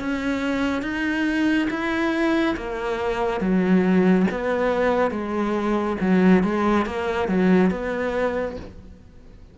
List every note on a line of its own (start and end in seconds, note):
0.00 0.83 C#4
0.83 1.69 D#4
1.71 2.56 E4
2.57 3.41 A#3
3.41 4.27 F#3
4.31 5.12 B3
5.12 5.97 G#3
6.01 6.44 F#3
6.44 6.86 G#3
6.86 7.29 A#3
7.29 7.71 F#3
7.71 8.57 B3